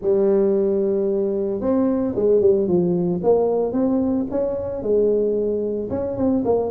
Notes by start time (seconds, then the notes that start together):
0.01 G3
1.60 C4
2.15 G#3
2.41 G3
2.67 F3
3.23 A#3
3.72 C4
4.31 C#4
4.82 G#3
5.90 C#4
6.16 C4
6.44 A#3